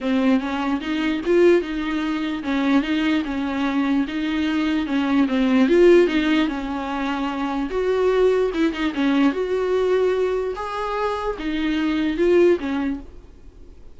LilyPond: \new Staff \with { instrumentName = "viola" } { \time 4/4 \tempo 4 = 148 c'4 cis'4 dis'4 f'4 | dis'2 cis'4 dis'4 | cis'2 dis'2 | cis'4 c'4 f'4 dis'4 |
cis'2. fis'4~ | fis'4 e'8 dis'8 cis'4 fis'4~ | fis'2 gis'2 | dis'2 f'4 cis'4 | }